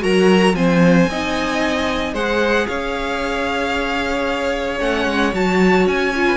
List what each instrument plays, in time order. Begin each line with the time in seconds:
0.00 cello F#3, viola F#4, violin A#4 A#5
0.54 cello F3, viola C4, violin C5 G#5
1.08 cello C4, viola D#4, violin D#5
2.14 cello G#3, viola G#4, violin C5 F#5
2.68 cello C#4, violin C#5 F5
4.80 cello A3, viola C#4, violin F#5
5.07 cello G#3
5.33 cello F#3, viola F#4, violin A5
5.87 cello C#4, violin G#5
6.16 viola F4
6.27 violin B4